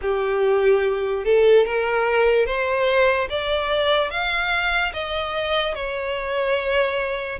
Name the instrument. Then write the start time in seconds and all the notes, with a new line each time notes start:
violin
0.01 G4
1.24 A4
1.66 A#4
2.45 C5
3.29 D5
4.10 F5
4.93 D#5
5.75 C#5